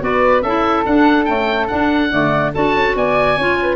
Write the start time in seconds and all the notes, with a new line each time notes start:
0.00 B3 F#4 B4 D5
0.42 C#4 E4 A4 E5
0.86 D4 F#5
1.25 A3 C#4 G5
1.67 D4 F#5
2.11 D3 A3 D5
2.54 D4 F#4 A4 A5
2.75 C#4
2.95 B3 D5 G#5
3.37 C#4 F4 C#5
3.62 B4